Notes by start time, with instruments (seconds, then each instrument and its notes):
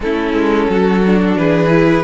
0.00 cello A3, viola C#4, violin E4 A4
0.33 cello G#3
0.69 cello F#3, violin F#4
1.06 viola D4
1.36 cello E3, violin G#4 B4
1.69 viola E4